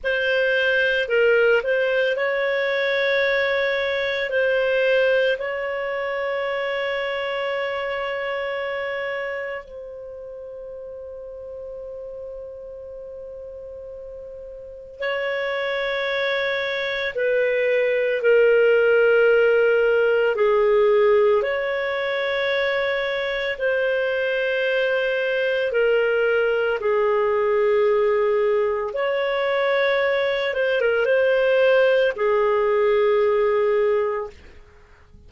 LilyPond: \new Staff \with { instrumentName = "clarinet" } { \time 4/4 \tempo 4 = 56 c''4 ais'8 c''8 cis''2 | c''4 cis''2.~ | cis''4 c''2.~ | c''2 cis''2 |
b'4 ais'2 gis'4 | cis''2 c''2 | ais'4 gis'2 cis''4~ | cis''8 c''16 ais'16 c''4 gis'2 | }